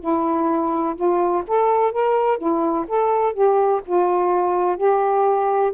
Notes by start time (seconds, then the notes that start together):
0.00 E4
0.96 F4
1.47 A4
1.92 A#4
2.38 E4
2.88 A4
3.33 G4
3.86 F4
4.77 G4